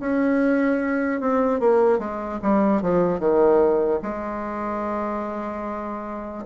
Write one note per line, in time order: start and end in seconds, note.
0.00 1.21 C#4
1.21 1.60 C4
1.60 1.99 A#3
1.99 2.40 G#3
2.43 2.82 G3
2.82 3.20 F3
3.20 4.01 D#3
4.02 6.46 G#3